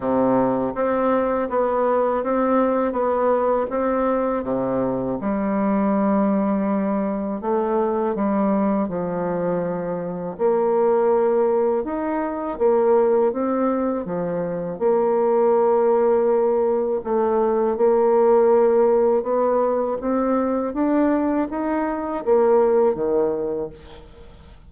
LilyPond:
\new Staff \with { instrumentName = "bassoon" } { \time 4/4 \tempo 4 = 81 c4 c'4 b4 c'4 | b4 c'4 c4 g4~ | g2 a4 g4 | f2 ais2 |
dis'4 ais4 c'4 f4 | ais2. a4 | ais2 b4 c'4 | d'4 dis'4 ais4 dis4 | }